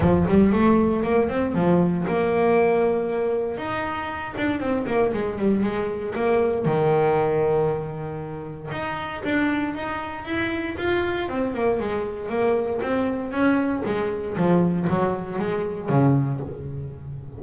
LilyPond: \new Staff \with { instrumentName = "double bass" } { \time 4/4 \tempo 4 = 117 f8 g8 a4 ais8 c'8 f4 | ais2. dis'4~ | dis'8 d'8 c'8 ais8 gis8 g8 gis4 | ais4 dis2.~ |
dis4 dis'4 d'4 dis'4 | e'4 f'4 c'8 ais8 gis4 | ais4 c'4 cis'4 gis4 | f4 fis4 gis4 cis4 | }